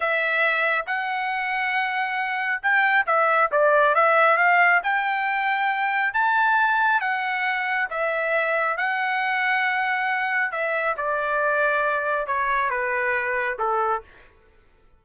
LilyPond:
\new Staff \with { instrumentName = "trumpet" } { \time 4/4 \tempo 4 = 137 e''2 fis''2~ | fis''2 g''4 e''4 | d''4 e''4 f''4 g''4~ | g''2 a''2 |
fis''2 e''2 | fis''1 | e''4 d''2. | cis''4 b'2 a'4 | }